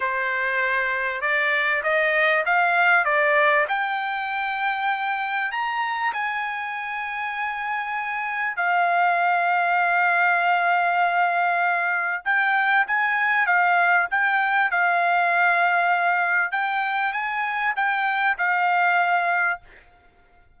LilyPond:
\new Staff \with { instrumentName = "trumpet" } { \time 4/4 \tempo 4 = 98 c''2 d''4 dis''4 | f''4 d''4 g''2~ | g''4 ais''4 gis''2~ | gis''2 f''2~ |
f''1 | g''4 gis''4 f''4 g''4 | f''2. g''4 | gis''4 g''4 f''2 | }